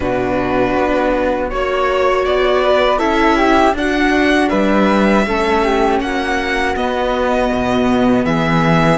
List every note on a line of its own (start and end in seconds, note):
0.00 0.74 B2
0.00 1.49 D4
0.00 1.49 F#4
0.00 1.49 B4
0.76 1.51 B3
1.49 2.25 A#3
1.49 2.98 F#4
1.49 2.62 C#5
1.49 2.25 C#5
2.25 3.00 B3
2.25 2.98 D5
2.63 2.98 B4
2.98 3.73 C#4
2.98 3.73 E4
2.98 3.35 A4
2.98 3.73 E5
3.36 3.74 G4
3.73 4.48 D4
3.73 5.26 D4
3.73 4.49 F#4
3.73 4.48 F#5
4.48 5.26 G3
4.48 5.24 B4
4.48 5.98 E5
5.26 6.00 A3
5.26 6.76 C#4
5.26 5.63 A4
5.63 6.01 G4
6.00 6.75 A#3
6.00 8.25 F#4
6.00 6.75 F#5
6.75 7.50 B3
6.75 8.97 B3
6.75 8.25 D#5
7.51 8.25 B2
8.25 8.97 E3
8.25 8.97 G#4
8.25 8.97 E5